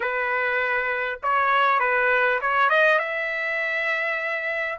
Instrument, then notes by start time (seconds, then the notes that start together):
trumpet
0.00 B4
1.22 C#5
1.79 B4
2.41 C#5
2.69 D#5
2.98 E5